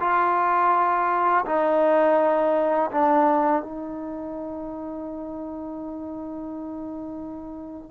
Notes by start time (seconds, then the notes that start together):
0.00 F4
1.46 D#4
2.91 D4
3.62 D#4